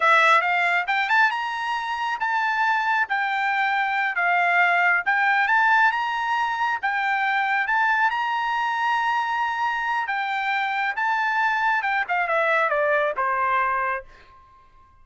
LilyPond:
\new Staff \with { instrumentName = "trumpet" } { \time 4/4 \tempo 4 = 137 e''4 f''4 g''8 a''8 ais''4~ | ais''4 a''2 g''4~ | g''4. f''2 g''8~ | g''8 a''4 ais''2 g''8~ |
g''4. a''4 ais''4.~ | ais''2. g''4~ | g''4 a''2 g''8 f''8 | e''4 d''4 c''2 | }